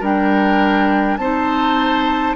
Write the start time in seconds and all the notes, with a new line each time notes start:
0.00 G3 D4 A#4 G5
1.17 C4 D#4 C5 A5